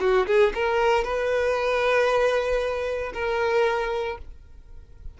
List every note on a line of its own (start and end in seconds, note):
0.00 0.26 F#4
0.27 0.53 G#4
0.54 1.04 A#4
1.04 3.12 B4
3.14 4.18 A#4